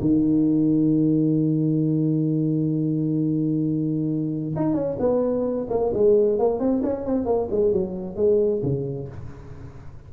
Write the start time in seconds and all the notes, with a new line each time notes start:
0.00 D#3
4.56 D#4
4.74 C#4
4.99 B3
5.69 A#3
5.94 G#3
6.39 A#3
6.59 C4
6.83 C#4
7.05 C4
7.25 A#3
7.50 G#3
7.72 F#3
8.16 G#3
8.63 C#3